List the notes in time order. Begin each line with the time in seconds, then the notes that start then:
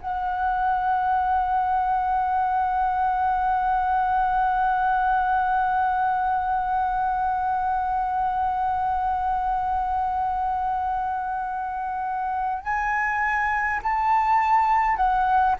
0.00 F#5
12.63 G#5
13.82 A5
14.96 F#5